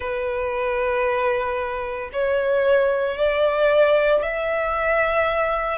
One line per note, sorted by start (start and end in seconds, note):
0.00 2.10 B4
2.12 3.17 C#5
3.17 4.22 D5
4.22 5.78 E5